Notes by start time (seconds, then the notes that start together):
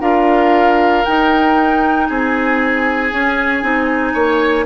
0.00 D4 F4 A#4 F5
1.04 D#4 G5
2.07 C4 G#4 G#5
3.11 C#4
3.62 C4 D#4
4.13 A#3 C#5